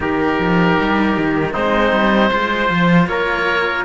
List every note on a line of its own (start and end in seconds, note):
0.00 0.38 D#3
0.00 1.53 D#4
0.00 1.53 G4
0.00 1.53 A#4
0.38 0.77 F3
0.79 1.17 G3
1.17 1.55 D#3
1.53 1.92 G#3
1.53 2.30 C4
1.53 2.30 D#4
1.53 3.07 C5
1.92 2.30 G3
2.30 2.69 G#3
2.30 3.85 F4
2.30 3.07 C5
2.69 3.07 F3
3.07 3.84 A#3
3.07 3.85 A#4
3.07 3.84 C#5